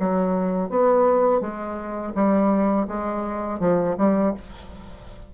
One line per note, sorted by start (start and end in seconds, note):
0.00 0.70 F#3
0.70 1.41 B3
1.41 2.14 G#3
2.15 2.88 G3
2.88 3.60 G#3
3.60 3.96 F3
3.98 4.34 G3